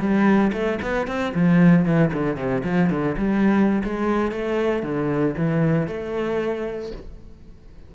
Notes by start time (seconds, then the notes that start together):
0.00 G3
0.53 A3
0.83 B3
1.07 C4
1.35 F3
1.86 E3
2.13 D3
2.37 C3
2.65 F3
2.91 D3
3.18 G3
3.84 G#3
4.32 A3
4.83 D3
5.38 E3
5.87 A3